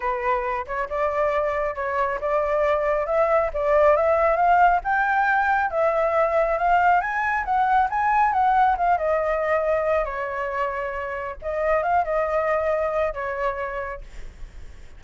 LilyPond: \new Staff \with { instrumentName = "flute" } { \time 4/4 \tempo 4 = 137 b'4. cis''8 d''2 | cis''4 d''2 e''4 | d''4 e''4 f''4 g''4~ | g''4 e''2 f''4 |
gis''4 fis''4 gis''4 fis''4 | f''8 dis''2~ dis''8 cis''4~ | cis''2 dis''4 f''8 dis''8~ | dis''2 cis''2 | }